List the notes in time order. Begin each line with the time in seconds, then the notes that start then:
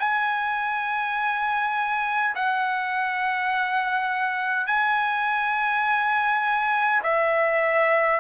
0.00 G#5
2.35 F#5
4.67 G#5
7.04 E5